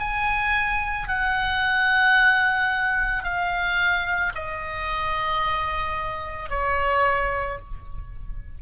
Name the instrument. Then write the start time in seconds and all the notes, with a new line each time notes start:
oboe
0.00 G#5
1.08 F#5
3.24 F5
4.35 D#5
6.50 C#5